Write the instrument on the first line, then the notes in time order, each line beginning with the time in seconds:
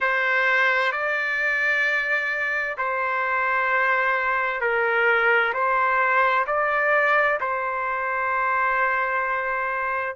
trumpet
0.00 C5
0.92 D5
2.77 C5
4.61 A#4
5.53 C5
6.46 D5
7.40 C5